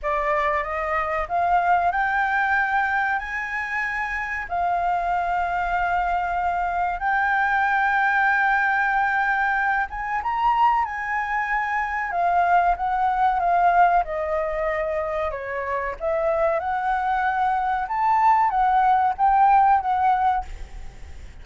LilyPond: \new Staff \with { instrumentName = "flute" } { \time 4/4 \tempo 4 = 94 d''4 dis''4 f''4 g''4~ | g''4 gis''2 f''4~ | f''2. g''4~ | g''2.~ g''8 gis''8 |
ais''4 gis''2 f''4 | fis''4 f''4 dis''2 | cis''4 e''4 fis''2 | a''4 fis''4 g''4 fis''4 | }